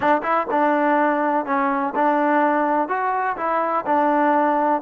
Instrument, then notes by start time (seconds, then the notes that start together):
trombone
0.00 D4
0.22 E4
0.50 D4
1.45 C#4
1.95 D4
2.88 F#4
3.36 E4
3.86 D4